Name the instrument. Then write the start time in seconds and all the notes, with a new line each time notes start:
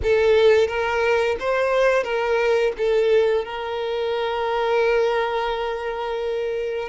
violin
0.03 A4
0.67 A#4
1.39 C5
2.03 A#4
2.77 A4
3.44 A#4